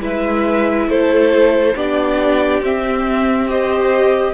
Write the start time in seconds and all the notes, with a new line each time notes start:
0.00 G#3 E4 B4 E5
0.88 A3 A4 C5
1.76 B3 D4 G4 D5
2.61 C4 E5
3.48 G4 C5 D#5